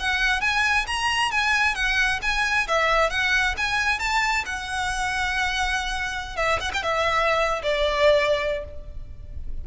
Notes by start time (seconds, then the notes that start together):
0.00 F#5
0.41 G#5
0.87 A#5
1.32 G#5
1.76 F#5
2.22 G#5
2.68 E5
3.10 F#5
3.58 G#5
4.00 A5
4.46 F#5
6.37 E5
6.60 F#5
6.74 G5
6.83 E5
7.63 D5